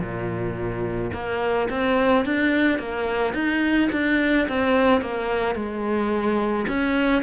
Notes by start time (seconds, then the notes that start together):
0.00 A#2
1.13 A#3
1.70 C4
2.25 D4
2.79 A#3
3.34 D#4
3.92 D4
4.48 C4
5.01 A#3
5.55 G#3
6.68 C#4